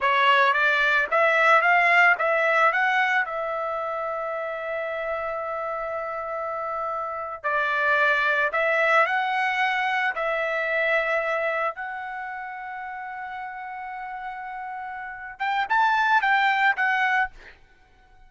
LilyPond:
\new Staff \with { instrumentName = "trumpet" } { \time 4/4 \tempo 4 = 111 cis''4 d''4 e''4 f''4 | e''4 fis''4 e''2~ | e''1~ | e''4.~ e''16 d''2 e''16~ |
e''8. fis''2 e''4~ e''16~ | e''4.~ e''16 fis''2~ fis''16~ | fis''1~ | fis''8 g''8 a''4 g''4 fis''4 | }